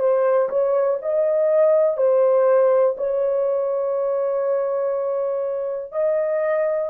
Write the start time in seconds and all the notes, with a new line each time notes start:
0.00 C5
0.50 C#5
1.02 D#5
1.98 C5
2.98 C#5
5.92 D#5